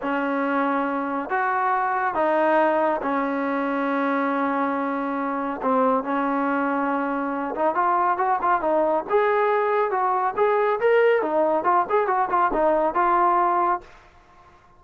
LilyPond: \new Staff \with { instrumentName = "trombone" } { \time 4/4 \tempo 4 = 139 cis'2. fis'4~ | fis'4 dis'2 cis'4~ | cis'1~ | cis'4 c'4 cis'2~ |
cis'4. dis'8 f'4 fis'8 f'8 | dis'4 gis'2 fis'4 | gis'4 ais'4 dis'4 f'8 gis'8 | fis'8 f'8 dis'4 f'2 | }